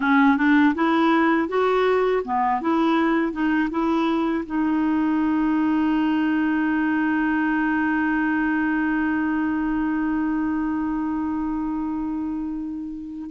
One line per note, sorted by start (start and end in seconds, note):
0.00 0.37 C#4
0.37 0.74 D4
0.74 1.48 E4
1.48 2.22 F#4
2.24 2.61 B3
2.61 3.32 E4
3.32 3.69 D#4
3.70 4.44 E4
4.45 13.30 D#4